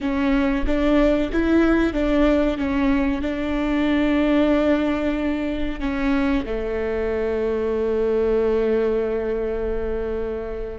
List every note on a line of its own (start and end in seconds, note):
0.00 0.65 C#4
0.66 1.30 D4
1.32 1.93 E4
1.93 2.57 D4
2.57 3.21 C#4
3.21 5.79 D4
5.80 6.44 C#4
6.45 10.78 A3